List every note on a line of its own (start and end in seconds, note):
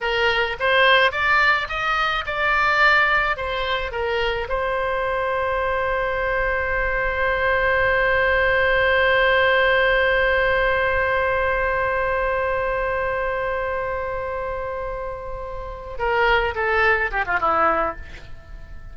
0.01 0.57 A#4
0.59 1.11 C5
1.11 1.67 D5
1.68 2.24 D#5
2.26 3.36 D5
3.36 3.91 C5
3.91 4.47 A#4
4.48 15.98 C5
15.98 16.54 A#4
16.54 17.11 A4
17.11 17.25 G4
17.25 17.39 F4
17.40 17.96 E4